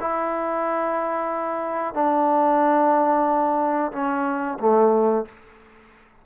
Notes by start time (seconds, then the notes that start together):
0.00 E4
1.94 D4
3.92 C#4
4.59 A3